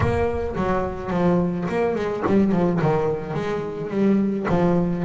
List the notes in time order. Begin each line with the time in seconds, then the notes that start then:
0.00 A#3
0.55 F#3
1.10 F3
1.68 A#3
1.95 G#3
2.26 G3
2.52 F3
2.81 D#3
3.34 G#3
3.90 G3
4.49 F3